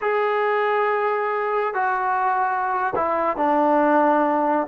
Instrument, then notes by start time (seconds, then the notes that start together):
trombone
0.01 G#4
1.74 F#4
2.95 E4
3.37 D4